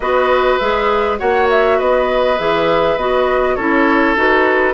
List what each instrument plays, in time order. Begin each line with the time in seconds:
0.00 bassoon B3, clarinet F#4, oboe B4, flute D#5
0.58 bassoon G#3, clarinet G#4, flute E5
1.18 bassoon A#3, clarinet F#4, oboe C#5, flute F#5
1.50 flute E5
1.77 bassoon B3, oboe B4, flute D#5
2.38 bassoon E3, clarinet G#4, flute E5
2.96 bassoon B3, clarinet F#4, flute D#5
3.55 bassoon C#4, clarinet E4, oboe A4, flute C#5
4.15 bassoon D#4, clarinet F#4, flute B4